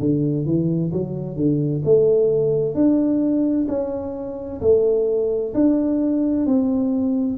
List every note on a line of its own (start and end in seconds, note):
0.00 0.46 D3
0.46 0.92 E3
0.93 1.36 F#3
1.36 1.83 D3
1.85 2.74 A3
2.74 3.67 D4
3.68 4.61 C#4
4.61 5.53 A3
5.54 6.47 D4
6.47 7.38 C4